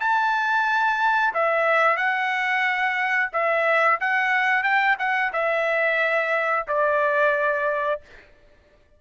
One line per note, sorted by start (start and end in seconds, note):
0.00 1.33 A5
1.34 1.97 E5
1.97 3.30 F#5
3.33 4.00 E5
4.01 4.63 F#5
4.63 4.96 G5
4.98 5.32 F#5
5.33 6.66 E5
6.68 8.01 D5